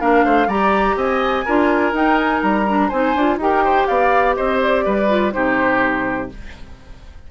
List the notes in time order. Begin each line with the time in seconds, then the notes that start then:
0.00 A#3 D4 A#4 F5
0.24 A3 C5
0.47 G3 G4 D5 A#5
0.96 C4 D#5 G#5
1.45 D4 F4 A#4
1.93 D#4 G5
2.17 G#5
2.42 G3 A#5
2.67 D4
2.88 C4 D#4 C5 G#5
3.15 D4 F4
3.37 D#4 G4 G5
3.43 A#4
3.64 C5
3.86 B3 D5 F5
4.36 C4 C5 D#5
4.62 D5
4.85 G3 B4
5.08 F4
5.32 C3 D#4 G4 C5